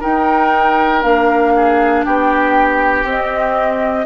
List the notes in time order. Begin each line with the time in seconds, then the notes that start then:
0.00 D#4 A#4 G5
1.02 A#3 D4 F5
1.56 G#4
2.05 B3 G4 G5
3.04 C4 D#5